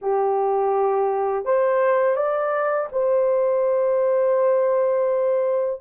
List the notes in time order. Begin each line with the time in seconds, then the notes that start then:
0.01 G4
1.45 C5
2.16 D5
2.92 C5